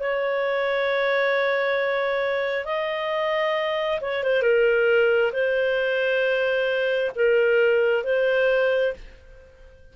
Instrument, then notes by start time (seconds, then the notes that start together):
clarinet
0.00 C#5
2.65 D#5
4.01 C#5
4.24 C5
4.42 A#4
5.33 C5
7.16 A#4
8.04 C5